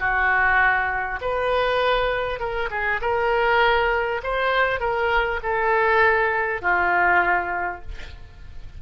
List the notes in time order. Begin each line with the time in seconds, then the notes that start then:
0.00 F#4
1.21 B4
2.39 A#4
2.71 G#4
3.01 A#4
4.23 C5
4.81 A#4
5.43 A4
6.62 F4